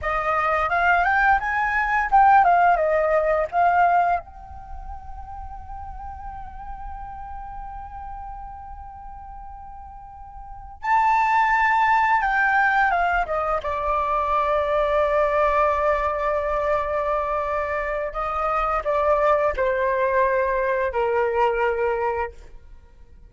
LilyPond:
\new Staff \with { instrumentName = "flute" } { \time 4/4 \tempo 4 = 86 dis''4 f''8 g''8 gis''4 g''8 f''8 | dis''4 f''4 g''2~ | g''1~ | g''2.~ g''8 a''8~ |
a''4. g''4 f''8 dis''8 d''8~ | d''1~ | d''2 dis''4 d''4 | c''2 ais'2 | }